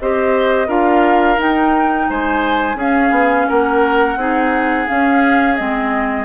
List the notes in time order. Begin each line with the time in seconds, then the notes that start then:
0.00 C4 G4 C5 D#5
0.67 D4 F4 A#4 F5
1.37 D#4 G5
2.10 G#3 C5 G#5
2.75 C#4 G#4 F5
3.11 B3
3.49 A#3 A#4 F#5
4.16 C4 D#4 G#4
4.87 C#4 F5
5.56 G#3 C4 D#5